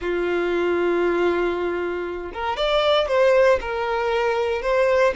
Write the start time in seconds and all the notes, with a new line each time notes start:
0.01 F4
2.33 A#4
2.56 D5
3.07 C5
3.60 A#4
4.62 C5